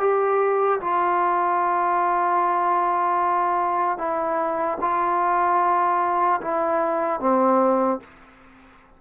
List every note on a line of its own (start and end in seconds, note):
0.00 0.80 G4
0.80 3.98 F4
3.98 4.78 E4
4.81 6.41 F4
6.41 7.20 E4
7.20 8.00 C4